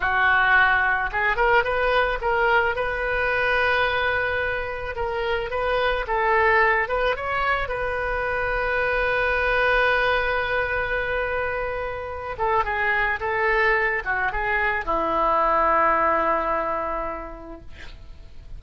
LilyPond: \new Staff \with { instrumentName = "oboe" } { \time 4/4 \tempo 4 = 109 fis'2 gis'8 ais'8 b'4 | ais'4 b'2.~ | b'4 ais'4 b'4 a'4~ | a'8 b'8 cis''4 b'2~ |
b'1~ | b'2~ b'8 a'8 gis'4 | a'4. fis'8 gis'4 e'4~ | e'1 | }